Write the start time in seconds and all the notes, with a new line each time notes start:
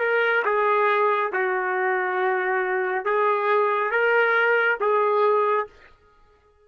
0.00 A#4
0.45 G#4
1.33 F#4
3.06 G#4
3.91 A#4
4.81 G#4